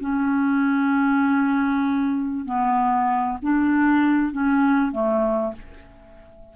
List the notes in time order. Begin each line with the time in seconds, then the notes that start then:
0.00 C#4
2.45 B3
3.42 D4
4.32 C#4
4.91 A3